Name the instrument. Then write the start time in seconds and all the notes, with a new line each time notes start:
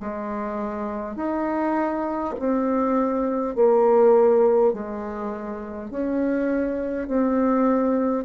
bassoon
0.00 G#3
1.16 D#4
2.40 C4
3.56 A#3
4.73 G#3
5.90 C#4
7.07 C4